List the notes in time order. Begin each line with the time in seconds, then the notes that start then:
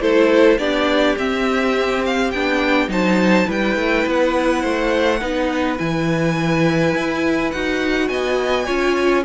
0.00 A3 E4 A4 C5
0.58 B3 D4 G4 D5
1.17 C4 E5
2.05 F5
2.31 B3 D4 G5
2.87 F#3 D#4 C5 A5
3.46 G3 E4 B4 G5
3.76 A3
4.06 B3 F#5
4.61 A3 C5
5.20 B3 D#4 B4
5.77 E3 E4 G#5
6.95 E4
7.51 D#4 F#4 F#5
8.08 B3 D#5 G#5
8.65 C#4 F4 C#5